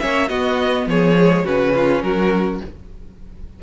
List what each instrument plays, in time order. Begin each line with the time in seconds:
0.00 cello A#3, viola C#4, violin C#5 E5
0.29 viola B3, cello B3, violin F#4 D#5
0.87 cello F3, violin G#4 C#5
1.17 viola G#3
1.44 cello C#3, viola C#4, violin F#4 B4
1.75 violin F4
2.03 cello F#3, violin F#4 A#4